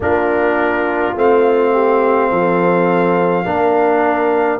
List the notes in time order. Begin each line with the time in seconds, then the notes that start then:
0.00 A#3 D4 F4 A#4
1.15 A3 C4 F5
1.72 G4
2.30 F3 A4
3.44 A#3 D4 A#4